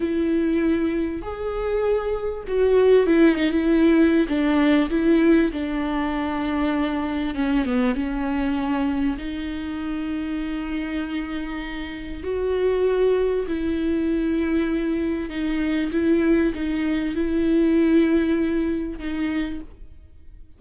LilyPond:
\new Staff \with { instrumentName = "viola" } { \time 4/4 \tempo 4 = 98 e'2 gis'2 | fis'4 e'8 dis'16 e'4~ e'16 d'4 | e'4 d'2. | cis'8 b8 cis'2 dis'4~ |
dis'1 | fis'2 e'2~ | e'4 dis'4 e'4 dis'4 | e'2. dis'4 | }